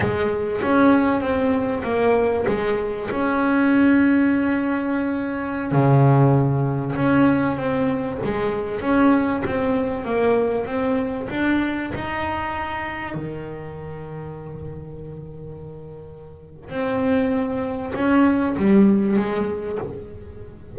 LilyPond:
\new Staff \with { instrumentName = "double bass" } { \time 4/4 \tempo 4 = 97 gis4 cis'4 c'4 ais4 | gis4 cis'2.~ | cis'4~ cis'16 cis2 cis'8.~ | cis'16 c'4 gis4 cis'4 c'8.~ |
c'16 ais4 c'4 d'4 dis'8.~ | dis'4~ dis'16 dis2~ dis8.~ | dis2. c'4~ | c'4 cis'4 g4 gis4 | }